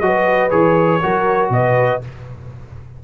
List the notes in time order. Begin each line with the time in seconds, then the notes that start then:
0.00 F#3 F#4 B4 D#5
0.51 E3 G#4 C#5
1.02 F#3 F#4 A#4
1.50 B2 B4 D#5